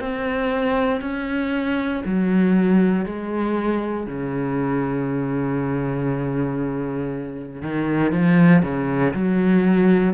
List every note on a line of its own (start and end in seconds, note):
0.00 1.01 C4
1.01 2.02 C#4
2.05 3.06 F#3
3.06 4.07 G#3
4.07 7.62 C#3
7.62 8.12 D#3
8.12 8.63 F3
8.63 9.13 C#3
9.14 10.14 F#3